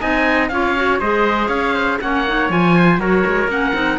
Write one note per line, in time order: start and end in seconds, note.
0.00 0.51 C4
0.00 0.50 D#4
0.00 0.50 D#5
0.00 0.49 G#5
0.49 1.01 C#4
0.49 0.76 F4
0.49 1.00 C#5
0.49 0.99 F5
0.76 1.01 F#4
1.00 1.49 G#3
1.00 2.01 G#4
1.00 1.49 C5
1.00 1.48 D#5
1.48 1.99 C#4
1.48 1.74 C#5
1.48 1.98 F5
1.74 1.99 C5
2.01 2.49 A#3
2.01 2.26 C#4
2.01 2.76 C#5
2.01 2.51 F#5
2.27 2.49 D#4
2.49 2.98 F3
2.49 2.99 F4
2.49 3.00 G#5
2.76 3.01 C5
2.98 3.23 F#3
2.98 3.49 F#4
2.98 3.99 A#4
2.98 3.50 C#5
3.26 3.48 G#3
3.48 3.73 A#3
3.48 3.74 C#4
3.48 3.99 F#5
3.74 3.99 C4
3.74 3.99 D#4